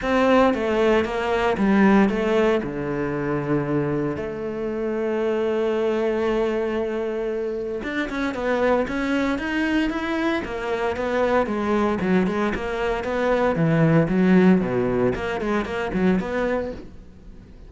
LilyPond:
\new Staff \with { instrumentName = "cello" } { \time 4/4 \tempo 4 = 115 c'4 a4 ais4 g4 | a4 d2. | a1~ | a2. d'8 cis'8 |
b4 cis'4 dis'4 e'4 | ais4 b4 gis4 fis8 gis8 | ais4 b4 e4 fis4 | b,4 ais8 gis8 ais8 fis8 b4 | }